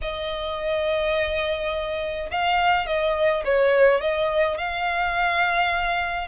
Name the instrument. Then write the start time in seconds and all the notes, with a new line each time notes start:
violin
0.01 D#5
2.31 F5
2.86 D#5
3.44 C#5
4.00 D#5
4.57 F5